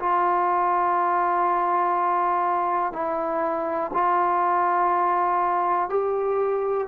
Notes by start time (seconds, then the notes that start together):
0.00 F4
2.93 E4
3.94 F4
5.90 G4